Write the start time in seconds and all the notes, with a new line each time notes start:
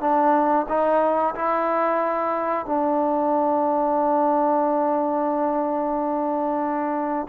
0.00 D4
0.68 D#4
1.35 E4
2.66 D4